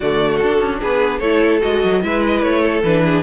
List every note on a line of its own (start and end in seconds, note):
0.00 0.41 D3
0.00 0.42 A3
0.00 0.80 F#4
0.00 0.36 D5
0.36 0.77 A4
0.42 0.60 D4
0.42 1.22 D4
0.60 0.80 C#4
0.80 1.20 B3
0.80 1.20 G#4
0.80 1.19 B4
1.19 1.60 A3
1.19 1.60 E4
1.19 2.01 A4
1.19 1.59 C#5
1.60 1.84 G#3
1.60 2.01 F#4
1.60 2.02 D#5
1.84 2.03 F#3
2.01 2.42 G#3
2.01 2.82 E4
2.01 2.62 B4
2.01 2.22 E5
2.26 2.42 D#5
2.42 2.83 A3
2.42 2.82 C#5
2.62 3.02 A4
2.82 3.23 E3
2.82 3.23 D4
2.82 3.23 B4
3.04 3.23 G#4